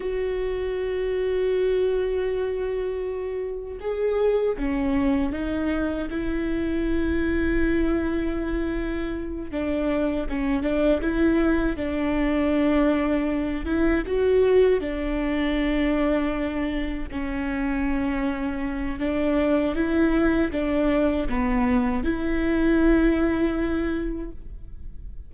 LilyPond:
\new Staff \with { instrumentName = "viola" } { \time 4/4 \tempo 4 = 79 fis'1~ | fis'4 gis'4 cis'4 dis'4 | e'1~ | e'8 d'4 cis'8 d'8 e'4 d'8~ |
d'2 e'8 fis'4 d'8~ | d'2~ d'8 cis'4.~ | cis'4 d'4 e'4 d'4 | b4 e'2. | }